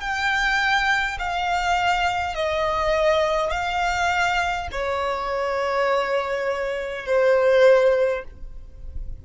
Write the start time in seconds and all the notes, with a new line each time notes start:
0.00 G5
1.19 F5
2.35 D#5
3.51 F5
4.72 C#5
7.06 C5